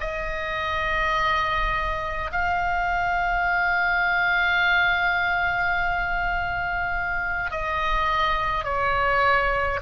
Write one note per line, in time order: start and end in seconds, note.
0.00 2.31 D#5
2.32 7.51 F5
7.51 8.64 D#5
8.64 9.80 C#5